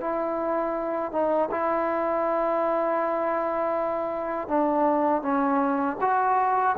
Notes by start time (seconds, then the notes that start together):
0.00 E4
1.11 D#4
1.50 E4
4.48 D4
5.22 C#4
6.00 F#4